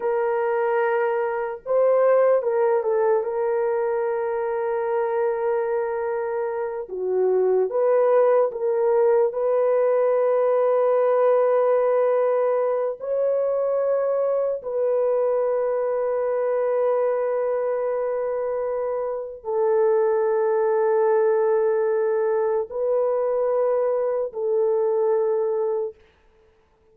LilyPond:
\new Staff \with { instrumentName = "horn" } { \time 4/4 \tempo 4 = 74 ais'2 c''4 ais'8 a'8 | ais'1~ | ais'8 fis'4 b'4 ais'4 b'8~ | b'1 |
cis''2 b'2~ | b'1 | a'1 | b'2 a'2 | }